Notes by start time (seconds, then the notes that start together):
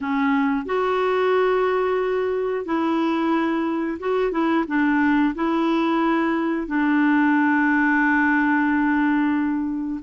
0.00 C#4
0.65 F#4
2.65 E4
3.99 F#4
4.31 E4
4.67 D4
5.35 E4
6.67 D4